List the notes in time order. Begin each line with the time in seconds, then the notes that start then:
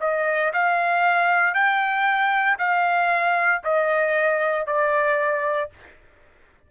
0.00 D#5
0.53 F5
1.54 G5
2.59 F5
3.63 D#5
4.66 D5